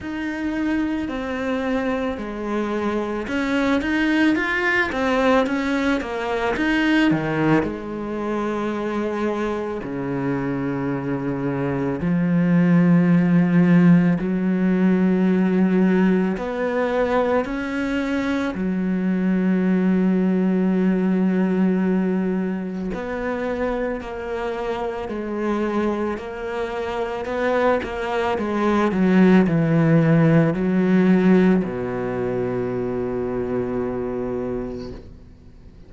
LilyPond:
\new Staff \with { instrumentName = "cello" } { \time 4/4 \tempo 4 = 55 dis'4 c'4 gis4 cis'8 dis'8 | f'8 c'8 cis'8 ais8 dis'8 dis8 gis4~ | gis4 cis2 f4~ | f4 fis2 b4 |
cis'4 fis2.~ | fis4 b4 ais4 gis4 | ais4 b8 ais8 gis8 fis8 e4 | fis4 b,2. | }